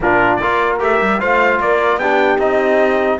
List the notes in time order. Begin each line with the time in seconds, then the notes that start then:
0.00 A#2 D4 F4 A#4
0.36 F4 A#4 D5
0.44 A#3
0.79 A3 G4 E5
1.01 G3
1.20 A3 F4 C5 F5
1.59 A#3 A#4 D5
1.97 B3 D4 G4 G5
2.38 C4 D#4 D#5